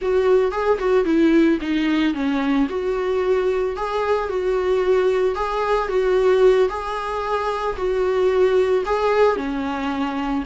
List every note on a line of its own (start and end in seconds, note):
0.01 0.51 F#4
0.51 0.78 G#4
0.78 1.04 F#4
1.04 1.58 E4
1.61 2.14 D#4
2.14 2.67 C#4
2.69 3.76 F#4
3.76 4.29 G#4
4.29 5.35 F#4
5.35 5.88 G#4
5.88 6.68 F#4
6.69 7.76 G#4
7.77 8.84 F#4
8.85 9.36 G#4
9.36 10.43 C#4